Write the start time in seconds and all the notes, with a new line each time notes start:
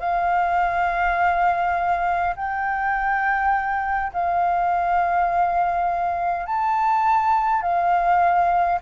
0.00 F5
2.36 G5
4.13 F5
6.46 A5
7.62 F5